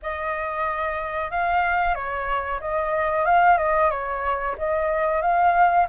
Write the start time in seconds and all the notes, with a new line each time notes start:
0.02 D#5
1.30 F5
1.94 C#5
2.60 D#5
3.25 F5
3.57 D#5
3.90 C#5
4.58 D#5
5.21 F5